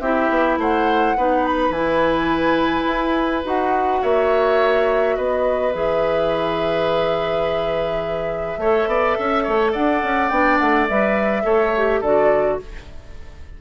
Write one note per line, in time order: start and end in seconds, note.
0.00 0.29 C4
0.00 1.17 E4
0.00 0.58 G4
0.00 0.57 E5
0.29 0.58 B3
0.58 1.15 A3
0.58 1.17 C5
0.58 1.46 F#5
1.17 1.70 B3
1.17 1.74 D#4
1.17 4.01 B4
1.46 1.72 B5
1.70 2.84 E3
1.70 3.44 E4
1.70 3.43 G#5
2.86 3.43 E4
3.44 4.02 D#4
3.44 5.73 F#4
3.44 4.02 F#5
4.01 5.17 A#3
4.01 5.16 C#5
4.01 5.16 E5
5.16 5.74 B3
5.16 8.60 B4
5.16 5.72 D#5
5.72 8.57 E3
5.72 8.59 G#4
5.72 9.72 E5
8.57 8.86 A3
8.57 10.32 A4
8.57 8.89 C#5
8.87 9.15 B3
8.87 9.17 D5
9.19 9.47 C#4
9.19 9.43 E5
9.43 9.75 A3
9.43 9.72 C#5
9.72 10.03 D4
9.72 11.43 D5
9.72 10.29 F#5
10.03 10.30 C#4
10.29 10.59 B3
10.29 10.89 D4
10.29 10.57 G5
10.58 10.89 A3
10.58 10.86 F#5
10.88 11.44 G3
10.88 11.43 B4
10.88 12.02 E5
11.43 12.01 A3
11.43 11.71 A4
11.43 12.00 C#5
11.77 12.04 G4
12.00 12.58 D3
12.00 12.61 F#4
12.00 12.57 A4
12.00 12.60 D5